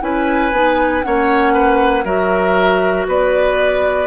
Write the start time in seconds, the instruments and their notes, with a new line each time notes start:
0.00 bassoon C#4, clarinet E4, oboe B4, flute G#5
0.52 bassoon B3, clarinet D#4
1.02 bassoon A#3, clarinet C#4, oboe C#5, flute F#5
1.53 oboe B4
2.04 bassoon F#3, clarinet F#4, oboe A#4, flute E5
3.07 bassoon B3, oboe B4, flute D5